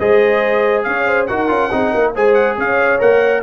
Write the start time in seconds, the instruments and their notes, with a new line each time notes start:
0.00 tuba G#3, trombone G#4, horn C5, trumpet D#5
0.84 tuba C#4, horn C#5, trumpet F5
1.08 horn C5
1.27 tuba D#4, trombone F#4, horn A#4, trumpet F#5
1.49 tuba C#4, trombone F4
1.72 tuba C4, trombone D#4, horn G#4
1.91 tuba A#3, horn A#4
2.15 tuba G#3, trombone G#4, horn C5, trumpet G#5
2.34 trumpet F#5
2.56 tuba C#4, horn C#5, trumpet F5
3.00 tuba A#3, trombone A#4, trumpet F#5